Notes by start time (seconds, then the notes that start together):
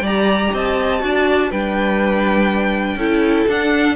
0.00 G3 G4 D5 A#5
0.53 C4 D#5 A5
0.99 D4 F#4 D5
1.50 G3 D4 B4 G5
2.95 C#4 E4 A4
3.48 D4 F#5